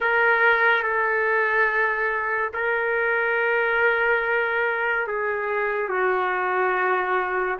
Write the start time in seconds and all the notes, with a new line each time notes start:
0.00 A#4
0.83 A4
2.54 A#4
5.07 G#4
5.89 F#4